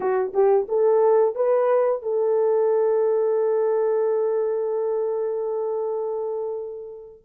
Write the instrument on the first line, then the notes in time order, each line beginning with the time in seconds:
horn
0.00 F#4
0.33 G4
0.68 A4
1.35 B4
2.02 A4